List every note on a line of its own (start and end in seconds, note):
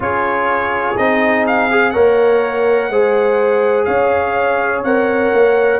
0.00 0.94 C#4
0.00 0.95 F4
0.00 1.92 G#4
0.00 0.97 C#5
0.97 1.95 C4
0.97 1.70 D#4
0.97 1.45 D#5
1.47 1.90 F5
1.70 1.94 G#4
1.90 2.89 A#3
1.90 2.91 A#4
1.90 2.89 C#5
1.90 3.84 F#5
2.89 3.85 G#3
2.89 4.85 G#4
2.89 3.86 C5
3.84 4.83 C#4
3.84 5.79 C#5
3.84 4.81 F5
4.83 5.31 C4
4.83 5.79 A#4
4.83 5.79 F#5
5.33 5.79 A#3